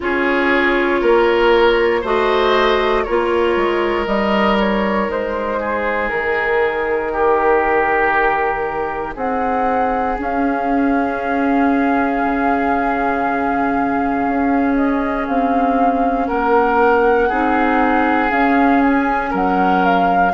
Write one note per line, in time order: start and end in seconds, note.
0.00 1.02 C#4
0.00 2.03 F4
0.00 1.01 G#4
0.00 2.05 C#5
1.01 2.03 A#3
1.01 2.01 A#4
2.01 3.05 A3
2.01 3.06 F#4
2.01 3.02 C5
2.01 3.03 D#5
3.03 3.56 A#3
3.03 4.05 F4
3.03 5.59 A#4
3.03 4.05 C#5
3.56 4.06 G#3
4.05 5.08 G3
4.05 10.15 D#4
4.05 4.57 D#5
4.59 5.10 C#5
5.08 6.10 G#3
5.08 6.08 C5
5.60 7.12 G#4
6.08 9.15 D#3
6.08 9.13 A#4
7.12 9.14 G4
9.14 10.17 C4
9.14 16.26 G#4
9.14 10.18 F#5
10.17 17.29 C#4
10.17 12.22 C#4
10.17 14.75 F5
12.24 14.27 C#3
14.27 15.27 C#4
14.75 15.26 D#5
15.27 16.29 C4
15.27 16.27 F5
16.27 17.30 A#3
16.27 17.28 A#4
16.27 18.30 F#5
17.28 18.31 C4
17.28 18.28 D#4
17.28 19.30 G#4
18.28 20.32 C#4
18.28 19.33 C#4
18.28 18.81 F5
18.82 19.32 G#5
19.30 20.33 F#3
19.30 20.32 A#4
19.30 19.84 F#5
19.84 20.33 F5